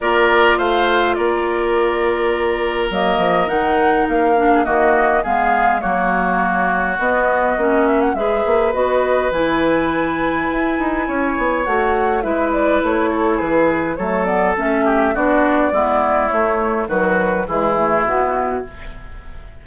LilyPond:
<<
  \new Staff \with { instrumentName = "flute" } { \time 4/4 \tempo 4 = 103 d''4 f''4 d''2~ | d''4 dis''4 fis''4 f''4 | dis''4 f''4 cis''2 | dis''4. e''16 fis''16 e''4 dis''4 |
gis''1 | fis''4 e''8 d''8 cis''4 b'4 | cis''8 d''8 e''4 d''2 | cis''4 b'4 gis'4 fis'4 | }
  \new Staff \with { instrumentName = "oboe" } { \time 4/4 ais'4 c''4 ais'2~ | ais'2.~ ais'8. gis'16 | fis'4 gis'4 fis'2~ | fis'2 b'2~ |
b'2. cis''4~ | cis''4 b'4. a'8 gis'4 | a'4. g'8 fis'4 e'4~ | e'4 fis'4 e'2 | }
  \new Staff \with { instrumentName = "clarinet" } { \time 4/4 f'1~ | f'4 ais4 dis'4. d'8 | ais4 b4 ais2 | b4 cis'4 gis'4 fis'4 |
e'1 | fis'4 e'2. | a8 b8 cis'4 d'4 b4 | a4 fis4 gis8 a8 b4 | }
  \new Staff \with { instrumentName = "bassoon" } { \time 4/4 ais4 a4 ais2~ | ais4 fis8 f8 dis4 ais4 | dis4 gis4 fis2 | b4 ais4 gis8 ais8 b4 |
e2 e'8 dis'8 cis'8 b8 | a4 gis4 a4 e4 | fis4 a4 b4 gis4 | a4 dis4 e4 b,4 | }
>>